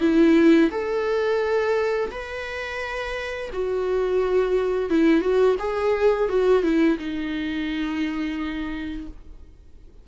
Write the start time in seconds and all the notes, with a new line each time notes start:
0.00 E4
0.71 A4
2.11 B4
3.52 F#4
4.90 E4
5.20 F#4
5.59 G#4
6.29 F#4
6.63 E4
6.98 D#4